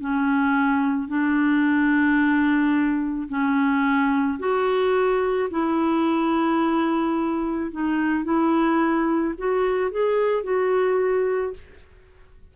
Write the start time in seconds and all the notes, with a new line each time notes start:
0.00 C#4
1.08 D4
3.28 C#4
4.38 F#4
5.50 E4
7.71 D#4
8.24 E4
9.37 F#4
9.91 G#4
10.43 F#4